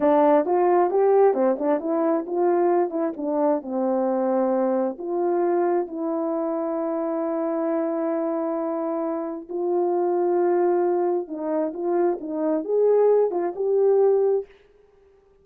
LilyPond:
\new Staff \with { instrumentName = "horn" } { \time 4/4 \tempo 4 = 133 d'4 f'4 g'4 c'8 d'8 | e'4 f'4. e'8 d'4 | c'2. f'4~ | f'4 e'2.~ |
e'1~ | e'4 f'2.~ | f'4 dis'4 f'4 dis'4 | gis'4. f'8 g'2 | }